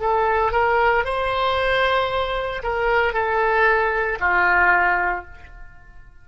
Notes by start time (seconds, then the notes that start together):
0.00 A4
0.53 A#4
1.05 C5
2.63 A#4
3.14 A4
4.21 F4